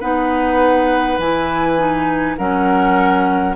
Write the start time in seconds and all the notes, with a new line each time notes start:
0.00 B3 D#4 B4 F#5
1.18 E3 E4 G#5
1.77 D#4
2.37 F#3 C#4 A#4 F#5